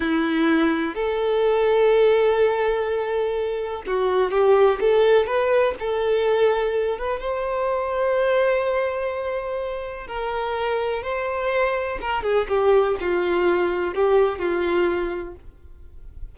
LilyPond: \new Staff \with { instrumentName = "violin" } { \time 4/4 \tempo 4 = 125 e'2 a'2~ | a'1 | fis'4 g'4 a'4 b'4 | a'2~ a'8 b'8 c''4~ |
c''1~ | c''4 ais'2 c''4~ | c''4 ais'8 gis'8 g'4 f'4~ | f'4 g'4 f'2 | }